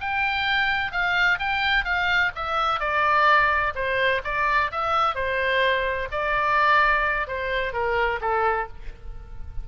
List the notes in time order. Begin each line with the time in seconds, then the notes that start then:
0.00 G5
0.92 F5
1.39 G5
1.84 F5
2.35 E5
2.80 D5
3.75 C5
4.24 D5
4.71 E5
5.15 C5
6.11 D5
7.27 C5
7.73 A#4
8.21 A4